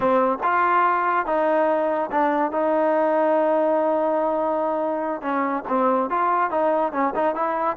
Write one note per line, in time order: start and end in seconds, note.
0.00 0.38 C4
0.43 1.26 F4
1.26 2.10 D#4
2.11 2.51 D4
2.51 5.21 D#4
5.21 5.63 C#4
5.68 6.09 C4
6.10 6.50 F4
6.50 6.92 D#4
6.92 7.13 C#4
7.15 7.35 D#4
7.35 7.77 E4